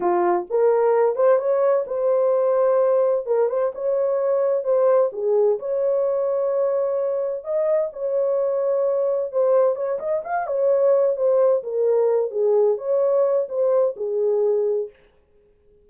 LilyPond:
\new Staff \with { instrumentName = "horn" } { \time 4/4 \tempo 4 = 129 f'4 ais'4. c''8 cis''4 | c''2. ais'8 c''8 | cis''2 c''4 gis'4 | cis''1 |
dis''4 cis''2. | c''4 cis''8 dis''8 f''8 cis''4. | c''4 ais'4. gis'4 cis''8~ | cis''4 c''4 gis'2 | }